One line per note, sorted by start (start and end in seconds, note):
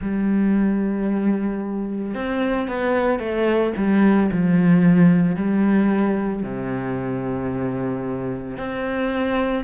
0.01 2.14 G3
2.14 2.68 C4
2.68 3.19 B3
3.19 3.73 A3
3.76 4.30 G3
4.31 5.36 F3
5.36 6.42 G3
6.42 8.57 C3
8.57 9.64 C4